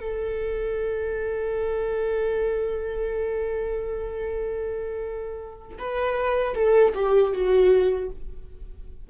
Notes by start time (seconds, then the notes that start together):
0.00 A4
5.78 B4
6.55 A4
6.94 G4
7.33 F#4